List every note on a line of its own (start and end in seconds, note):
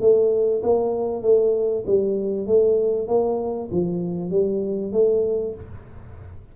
0.00 0.62 A3
0.63 1.22 A#3
1.22 1.84 A3
1.86 2.47 G3
2.47 3.07 A3
3.07 3.69 A#3
3.71 4.30 F3
4.30 4.92 G3
4.92 5.54 A3